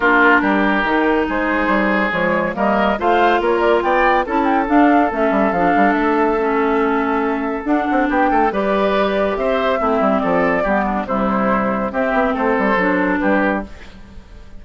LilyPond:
<<
  \new Staff \with { instrumentName = "flute" } { \time 4/4 \tempo 4 = 141 ais'2. c''4~ | c''4 cis''4 dis''4 f''4 | cis''8 d''8 g''4 a''8 g''8 f''4 | e''4 f''4 e''2~ |
e''2 fis''4 g''4 | d''2 e''2 | d''2 c''2 | e''4 c''2 b'4 | }
  \new Staff \with { instrumentName = "oboe" } { \time 4/4 f'4 g'2 gis'4~ | gis'2 ais'4 c''4 | ais'4 d''4 a'2~ | a'1~ |
a'2. g'8 a'8 | b'2 c''4 e'4 | a'4 g'8 d'8 e'2 | g'4 a'2 g'4 | }
  \new Staff \with { instrumentName = "clarinet" } { \time 4/4 d'2 dis'2~ | dis'4 gis4 ais4 f'4~ | f'2 e'4 d'4 | cis'4 d'2 cis'4~ |
cis'2 d'2 | g'2. c'4~ | c'4 b4 g2 | c'2 d'2 | }
  \new Staff \with { instrumentName = "bassoon" } { \time 4/4 ais4 g4 dis4 gis4 | g4 f4 g4 a4 | ais4 b4 cis'4 d'4 | a8 g8 f8 g8 a2~ |
a2 d'8 c'8 b8 a8 | g2 c'4 a8 g8 | f4 g4 c2 | c'8 b8 a8 g8 fis4 g4 | }
>>